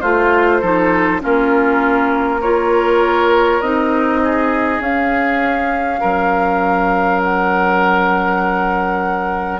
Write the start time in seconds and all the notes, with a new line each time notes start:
0.00 A3 F4 C5
0.61 F3 D#4 A4
1.20 A#3 C#4 F4 A#4
2.40 F4 A#4 C#5
3.60 C4 D#4 D#5
4.24 G#4
4.79 C#4 F5
6.00 F#3 A#4
7.23 F#5